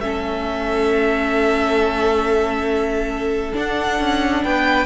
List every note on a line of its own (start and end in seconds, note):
0.00 3.53 A3
0.00 3.53 C#4
0.00 4.44 A4
0.00 3.53 E5
3.53 4.86 D4
3.53 4.00 D4
3.53 4.44 F#5
4.00 4.44 C#4
4.44 4.86 B3
4.44 4.86 B4
4.44 4.86 G5